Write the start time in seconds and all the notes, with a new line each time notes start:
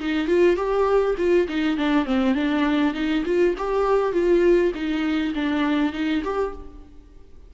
0.00 D#4
0.27 F4
0.56 G4
1.18 F4
1.48 D#4
1.77 D4
2.05 C4
2.34 D4
2.94 D#4
3.25 F4
3.58 G4
4.13 F4
4.74 D#4
5.35 D4
5.93 D#4
6.24 G4